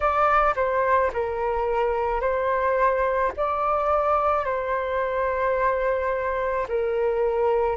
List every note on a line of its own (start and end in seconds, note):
0.00 0.54 D5
0.56 1.11 C5
1.13 2.20 A#4
2.20 3.31 C5
3.36 4.44 D5
4.44 6.67 C5
6.68 7.76 A#4